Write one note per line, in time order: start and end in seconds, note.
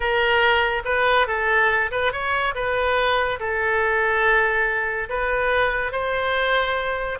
0.00 0.82 A#4
0.85 1.27 B4
1.27 1.90 A4
1.91 2.12 B4
2.12 2.54 C#5
2.54 3.39 B4
3.39 5.08 A4
5.09 5.92 B4
5.92 7.18 C5